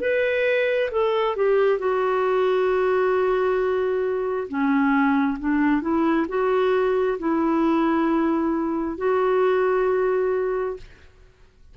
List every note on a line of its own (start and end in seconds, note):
0.00 0.90 B4
0.91 1.36 A4
1.36 1.79 G4
1.79 4.47 F#4
4.48 5.38 C#4
5.39 5.81 D4
5.81 6.26 E4
6.28 7.18 F#4
7.18 8.97 E4
8.97 10.76 F#4